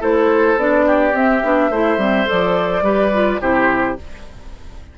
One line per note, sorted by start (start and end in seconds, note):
0.00 0.56 A3
0.00 0.57 E4
0.00 0.85 A4
0.00 0.59 C5
0.56 1.13 B3
0.56 1.12 D4
0.56 1.15 D5
0.86 1.70 G4
1.12 1.41 C4
1.12 2.28 E5
1.43 1.69 B3
1.43 1.71 D4
1.69 1.97 A3
1.69 1.98 E4
1.69 2.83 C5
1.97 2.25 G3
1.97 2.25 C4
2.25 2.81 F3
2.25 2.82 A4
2.25 3.41 D5
2.81 3.38 G3
2.81 3.11 G4
2.81 3.40 B4
3.13 3.39 F4
3.39 3.97 C3
3.39 3.96 E4
3.39 3.97 G4
3.39 3.98 C5